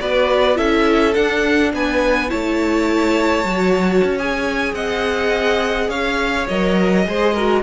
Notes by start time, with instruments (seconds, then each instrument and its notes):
0.00 cello B3, viola F#4, violin B4 D5
0.55 cello C#4, viola E4, violin A4 E5
1.14 viola D4, cello D4, violin F#5
1.73 cello B3, violin B4 G#5
2.28 cello A3, viola E4, violin C#5 A5
3.44 cello F#3, viola F#4
4.03 cello C#4
4.18 viola G#4, violin G#5
4.73 cello C4, violin D#5 F#5
5.89 cello C#4, violin C#5 F5
6.48 cello F#3, viola A#4, violin D#5
7.05 cello G#3, viola G#4, violin C5
7.33 viola F#4, violin A#4